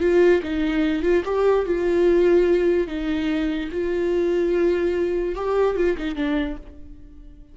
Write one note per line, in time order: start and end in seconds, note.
0.00 0.41 F4
0.43 1.02 D#4
1.02 1.23 F4
1.25 1.65 G4
1.65 2.87 F4
2.87 3.69 D#4
3.72 5.35 F4
5.35 5.76 G4
5.76 5.97 F4
5.97 6.15 D#4
6.15 6.56 D4